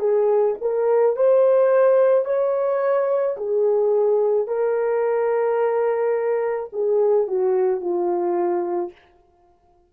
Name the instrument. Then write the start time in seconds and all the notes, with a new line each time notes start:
horn
0.00 G#4
0.62 A#4
1.17 C5
2.26 C#5
3.38 G#4
4.48 A#4
6.73 G#4
7.28 F#4
7.81 F4